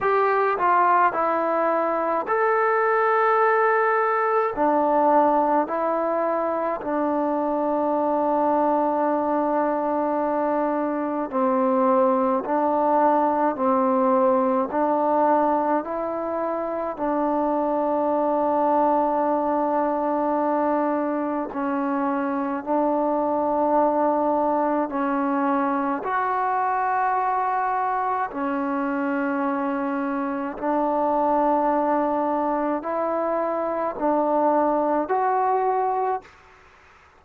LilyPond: \new Staff \with { instrumentName = "trombone" } { \time 4/4 \tempo 4 = 53 g'8 f'8 e'4 a'2 | d'4 e'4 d'2~ | d'2 c'4 d'4 | c'4 d'4 e'4 d'4~ |
d'2. cis'4 | d'2 cis'4 fis'4~ | fis'4 cis'2 d'4~ | d'4 e'4 d'4 fis'4 | }